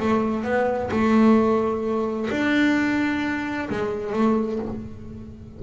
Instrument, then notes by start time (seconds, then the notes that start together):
double bass
0.00 A3
0.44 B3
0.91 A3
2.31 D4
3.69 G#3
4.13 A3